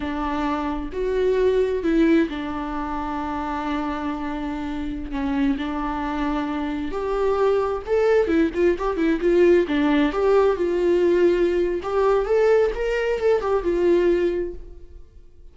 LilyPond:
\new Staff \with { instrumentName = "viola" } { \time 4/4 \tempo 4 = 132 d'2 fis'2 | e'4 d'2.~ | d'2.~ d'16 cis'8.~ | cis'16 d'2. g'8.~ |
g'4~ g'16 a'4 e'8 f'8 g'8 e'16~ | e'16 f'4 d'4 g'4 f'8.~ | f'2 g'4 a'4 | ais'4 a'8 g'8 f'2 | }